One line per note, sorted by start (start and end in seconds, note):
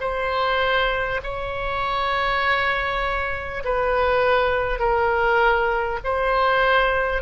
0.00 1.20 C5
1.23 3.63 C#5
3.64 4.79 B4
4.79 5.99 A#4
6.04 7.22 C5